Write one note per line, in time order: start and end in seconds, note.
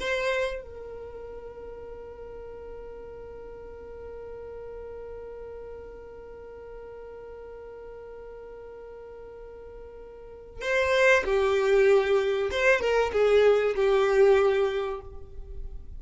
0.00 0.62 C5
0.62 10.61 A#4
10.61 11.24 C5
11.25 12.50 G4
12.51 12.81 C5
12.81 13.12 A#4
13.12 13.75 G#4
13.76 15.01 G4